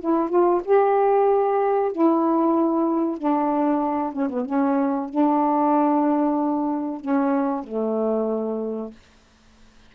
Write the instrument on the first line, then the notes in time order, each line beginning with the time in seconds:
saxophone
0.00 E4
0.29 F4
0.64 G4
1.91 E4
3.17 D4
4.12 C#4
4.29 B3
4.45 C#4
5.09 D4
7.00 C#4
7.63 A3